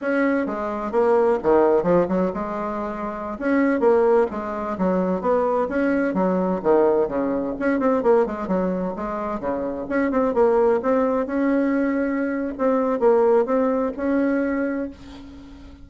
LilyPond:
\new Staff \with { instrumentName = "bassoon" } { \time 4/4 \tempo 4 = 129 cis'4 gis4 ais4 dis4 | f8 fis8 gis2~ gis16 cis'8.~ | cis'16 ais4 gis4 fis4 b8.~ | b16 cis'4 fis4 dis4 cis8.~ |
cis16 cis'8 c'8 ais8 gis8 fis4 gis8.~ | gis16 cis4 cis'8 c'8 ais4 c'8.~ | c'16 cis'2~ cis'8. c'4 | ais4 c'4 cis'2 | }